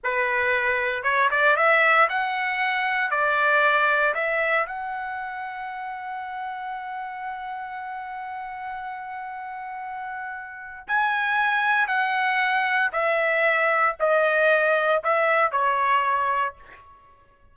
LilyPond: \new Staff \with { instrumentName = "trumpet" } { \time 4/4 \tempo 4 = 116 b'2 cis''8 d''8 e''4 | fis''2 d''2 | e''4 fis''2.~ | fis''1~ |
fis''1~ | fis''4 gis''2 fis''4~ | fis''4 e''2 dis''4~ | dis''4 e''4 cis''2 | }